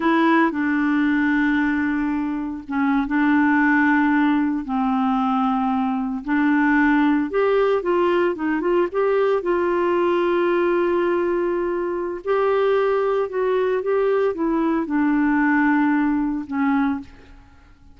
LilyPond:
\new Staff \with { instrumentName = "clarinet" } { \time 4/4 \tempo 4 = 113 e'4 d'2.~ | d'4 cis'8. d'2~ d'16~ | d'8. c'2. d'16~ | d'4.~ d'16 g'4 f'4 dis'16~ |
dis'16 f'8 g'4 f'2~ f'16~ | f'2. g'4~ | g'4 fis'4 g'4 e'4 | d'2. cis'4 | }